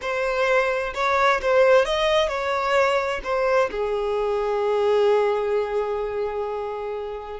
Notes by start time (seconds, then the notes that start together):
0.01 C5
0.94 C#5
1.41 C5
1.85 D#5
2.28 C#5
3.23 C5
3.70 G#4